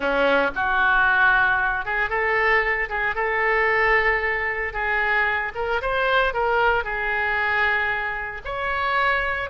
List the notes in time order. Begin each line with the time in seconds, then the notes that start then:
0.00 C#4
0.55 F#4
1.85 G#4
2.09 A4
2.89 G#4
3.15 A4
4.73 G#4
5.55 A#4
5.81 C5
6.33 A#4
6.83 G#4
8.44 C#5